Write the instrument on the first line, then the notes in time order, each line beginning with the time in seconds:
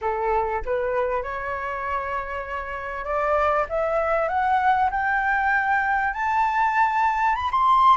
flute
0.01 A4
0.65 B4
1.22 C#5
3.04 D5
3.69 E5
4.28 F#5
4.91 G5
6.13 A5
7.35 B5
7.51 C6